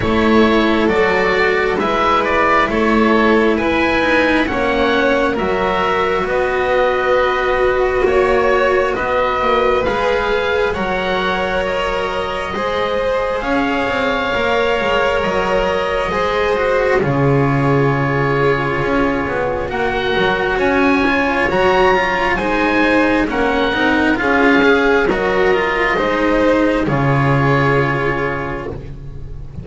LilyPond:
<<
  \new Staff \with { instrumentName = "oboe" } { \time 4/4 \tempo 4 = 67 cis''4 d''4 e''8 d''8 cis''4 | gis''4 fis''4 e''4 dis''4~ | dis''4 cis''4 dis''4 f''4 | fis''4 dis''2 f''4~ |
f''4 dis''2 cis''4~ | cis''2 fis''4 gis''4 | ais''4 gis''4 fis''4 f''4 | dis''2 cis''2 | }
  \new Staff \with { instrumentName = "violin" } { \time 4/4 a'2 b'4 a'4 | b'4 cis''4 ais'4 b'4~ | b'4 cis''4 b'2 | cis''2 c''4 cis''4~ |
cis''2 c''4 gis'4~ | gis'2 ais'4 cis''4~ | cis''4 c''4 ais'4 gis'4 | ais'4 c''4 gis'2 | }
  \new Staff \with { instrumentName = "cello" } { \time 4/4 e'4 fis'4 e'2~ | e'8 dis'8 cis'4 fis'2~ | fis'2. gis'4 | ais'2 gis'2 |
ais'2 gis'8 fis'8 f'4~ | f'2 fis'4. f'8 | fis'8 f'8 dis'4 cis'8 dis'8 f'8 gis'8 | fis'8 f'8 dis'4 f'2 | }
  \new Staff \with { instrumentName = "double bass" } { \time 4/4 a4 fis4 gis4 a4 | e'4 ais4 fis4 b4~ | b4 ais4 b8 ais8 gis4 | fis2 gis4 cis'8 c'8 |
ais8 gis8 fis4 gis4 cis4~ | cis4 cis'8 b8 ais8 fis8 cis'4 | fis4 gis4 ais8 c'8 cis'4 | fis4 gis4 cis2 | }
>>